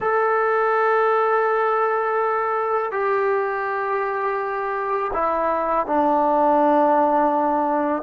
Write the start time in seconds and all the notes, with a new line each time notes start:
0.00 A4
2.91 G4
5.13 E4
5.86 D4